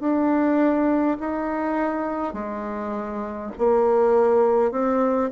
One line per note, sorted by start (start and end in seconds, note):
0.00 1.18 D4
1.20 2.34 D#4
2.34 3.52 G#3
3.59 4.72 A#3
4.72 5.30 C4